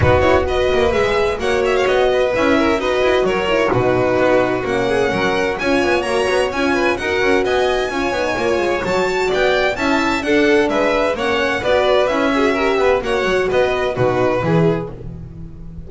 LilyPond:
<<
  \new Staff \with { instrumentName = "violin" } { \time 4/4 \tempo 4 = 129 b'8 cis''8 dis''4 e''4 fis''8 e''16 f''16 | dis''4 e''4 dis''4 cis''4 | b'2 fis''2 | gis''4 ais''4 gis''4 fis''4 |
gis''2. a''4 | g''4 a''4 fis''4 e''4 | fis''4 d''4 e''2 | fis''4 dis''4 b'2 | }
  \new Staff \with { instrumentName = "violin" } { \time 4/4 fis'4 b'2 cis''4~ | cis''8 b'4 ais'8 b'4 ais'4 | fis'2~ fis'8 gis'8 ais'4 | cis''2~ cis''8 b'8 ais'4 |
dis''4 cis''2. | d''4 e''4 a'4 b'4 | cis''4 b'4. gis'8 ais'8 b'8 | cis''4 b'4 fis'4 gis'4 | }
  \new Staff \with { instrumentName = "horn" } { \time 4/4 dis'8 e'8 fis'4 gis'4 fis'4~ | fis'4 e'4 fis'4. e'8 | dis'2 cis'2 | f'4 fis'4 f'4 fis'4~ |
fis'4 f'8 dis'8 f'4 fis'4~ | fis'4 e'4 d'2 | cis'4 fis'4 e'8 fis'8 g'4 | fis'2 dis'4 e'4 | }
  \new Staff \with { instrumentName = "double bass" } { \time 4/4 b4. ais8 gis4 ais4 | b4 cis'4 dis'8 e'8 fis4 | b,4 b4 ais4 fis4 | cis'8 b8 ais8 b8 cis'4 dis'8 cis'8 |
b4 cis'8 b8 ais8 gis8 fis4 | b4 cis'4 d'4 gis4 | ais4 b4 cis'4. b8 | ais8 fis8 b4 b,4 e4 | }
>>